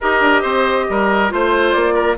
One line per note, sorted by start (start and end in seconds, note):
0.00 0.20 D#4
0.00 1.29 G4
0.00 0.41 A#4
0.00 1.31 D#5
0.20 0.42 D4
0.41 0.87 C4
0.41 0.85 C5
0.89 1.32 G3
0.89 1.33 A#4
1.29 1.74 A3
1.29 2.16 F4
1.29 1.72 C5
1.29 1.94 C5
1.72 2.17 A#3
1.72 2.15 D5
1.94 2.15 A#4